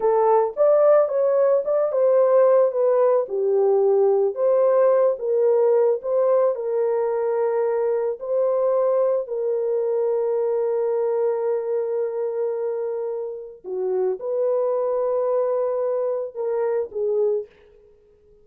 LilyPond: \new Staff \with { instrumentName = "horn" } { \time 4/4 \tempo 4 = 110 a'4 d''4 cis''4 d''8 c''8~ | c''4 b'4 g'2 | c''4. ais'4. c''4 | ais'2. c''4~ |
c''4 ais'2.~ | ais'1~ | ais'4 fis'4 b'2~ | b'2 ais'4 gis'4 | }